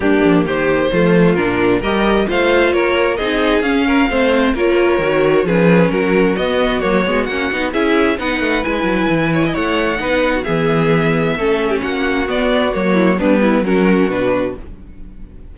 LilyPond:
<<
  \new Staff \with { instrumentName = "violin" } { \time 4/4 \tempo 4 = 132 g'4 c''2 ais'4 | dis''4 f''4 cis''4 dis''4 | f''2 cis''2 | b'4 ais'4 dis''4 cis''4 |
fis''4 e''4 fis''4 gis''4~ | gis''4 fis''2 e''4~ | e''2 fis''4 d''4 | cis''4 b'4 ais'4 b'4 | }
  \new Staff \with { instrumentName = "violin" } { \time 4/4 d'4 g'4 f'2 | ais'4 c''4 ais'4 gis'4~ | gis'8 ais'8 c''4 ais'2 | gis'4 fis'2.~ |
fis'4 gis'4 b'2~ | b'8 cis''16 dis''16 cis''4 b'8. fis'16 gis'4~ | gis'4 a'8. g'16 fis'2~ | fis'8 e'8 d'8 e'8 fis'2 | }
  \new Staff \with { instrumentName = "viola" } { \time 4/4 ais2 a4 d'4 | g'4 f'2 dis'4 | cis'4 c'4 f'4 fis'4 | cis'2 b4 ais8 b8 |
cis'8 dis'8 e'4 dis'4 e'4~ | e'2 dis'4 b4~ | b4 cis'2 b4 | ais4 b4 cis'4 d'4 | }
  \new Staff \with { instrumentName = "cello" } { \time 4/4 g8 f8 dis4 f4 ais,4 | g4 a4 ais4 c'4 | cis'4 a4 ais4 dis4 | f4 fis4 b4 fis8 gis8 |
ais8 b8 cis'4 b8 a8 gis8 fis8 | e4 a4 b4 e4~ | e4 a4 ais4 b4 | fis4 g4 fis4 b,4 | }
>>